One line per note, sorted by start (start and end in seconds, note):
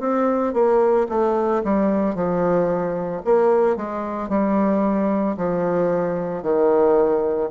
0.00 0.54 C4
0.54 1.07 A#3
1.09 1.63 A3
1.64 2.15 G3
2.15 3.22 F3
3.24 3.76 A#3
3.76 4.29 G#3
4.29 5.36 G3
5.37 6.42 F3
6.42 7.50 D#3